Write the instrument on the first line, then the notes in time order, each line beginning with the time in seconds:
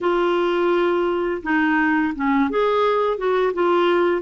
clarinet
0.00 F4
1.42 D#4
2.15 C#4
2.49 G#4
3.17 F#4
3.53 F4